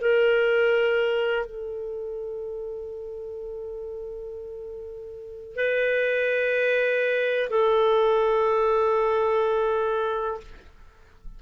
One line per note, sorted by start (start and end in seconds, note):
0.00 1.45 A#4
1.45 5.56 A4
5.56 7.49 B4
7.50 10.40 A4